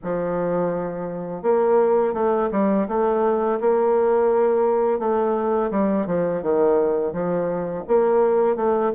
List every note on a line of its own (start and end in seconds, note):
0.03 1.42 F3
1.42 2.13 A#3
2.13 2.49 A3
2.51 2.87 G3
2.87 3.59 A3
3.60 4.99 A#3
4.99 5.70 A3
5.70 6.06 G3
6.06 6.42 F3
6.42 7.12 D#3
7.12 7.84 F3
7.87 8.56 A#3
8.56 8.91 A3